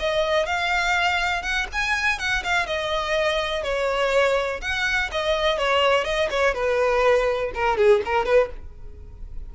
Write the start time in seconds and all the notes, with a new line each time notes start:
0.00 D#5
0.46 F5
1.43 F#5
1.73 G#5
2.19 F#5
2.44 F5
2.67 D#5
3.64 C#5
4.62 F#5
5.12 D#5
5.59 C#5
6.05 D#5
6.31 C#5
6.54 B4
7.55 A#4
7.78 G#4
8.06 A#4
8.25 B4